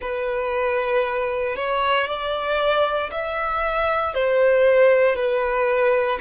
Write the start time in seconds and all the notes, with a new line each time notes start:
0.00 B4
1.56 C#5
2.07 D5
3.11 E5
4.14 C5
5.15 B4